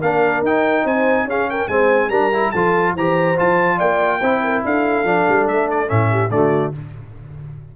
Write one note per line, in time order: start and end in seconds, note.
0.00 0.42 A#3
0.00 0.46 D4
0.00 0.84 A#4
0.00 0.44 F5
0.42 0.84 D#4
0.42 1.29 D#4
0.42 0.87 G5
0.84 1.24 C4
0.84 1.26 C5
0.84 1.29 G#5
1.24 1.66 C#4
1.24 1.69 C#4
1.24 1.49 G#4
1.24 1.50 F5
1.50 1.71 A#4
1.50 1.68 G5
1.68 2.09 G#3
1.68 2.11 C4
1.68 2.10 C5
1.68 2.10 G#5
2.09 2.51 G3
2.09 2.33 D4
2.09 2.52 A#4
2.09 2.51 A#5
2.33 2.54 E4
2.51 2.94 F3
2.51 2.97 F4
2.51 2.94 A4
2.51 2.93 A5
2.94 3.36 E3
2.94 3.37 G4
2.94 3.77 C5
2.94 3.39 A#5
3.37 3.81 F3
3.37 4.21 F4
3.37 3.79 A5
3.77 4.22 A#3
3.77 4.19 D5
3.77 4.63 G5
4.21 4.64 C4
4.21 5.05 E4
4.21 4.42 C5
4.44 4.65 A#4
4.64 5.04 D4
4.64 6.11 A4
4.64 5.47 F5
5.04 5.25 F3
5.04 5.87 D4
5.28 5.48 G3
5.47 5.90 A3
5.47 5.68 E5
5.70 5.89 D5
5.87 6.30 A2
5.87 6.29 C#4
5.87 6.31 E5
6.11 6.32 G4
6.30 6.72 D3
6.30 6.73 A3
6.30 6.76 F#4
6.30 6.73 D5